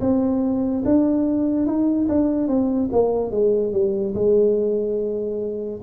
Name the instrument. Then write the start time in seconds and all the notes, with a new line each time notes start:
tuba
0.00 C4
0.84 D4
1.66 D#4
2.09 D4
2.48 C4
2.92 A#3
3.31 G#3
3.72 G3
4.14 G#3